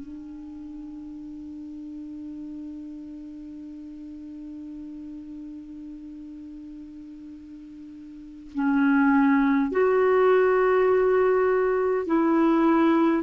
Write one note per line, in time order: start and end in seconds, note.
0.00 8.53 D4
8.55 9.72 C#4
9.72 12.06 F#4
12.06 13.24 E4